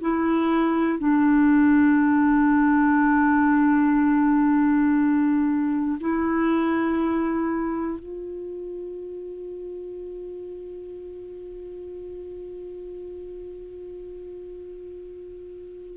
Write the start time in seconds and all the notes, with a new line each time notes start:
0.00 E4
0.98 D4
6.00 E4
7.99 F4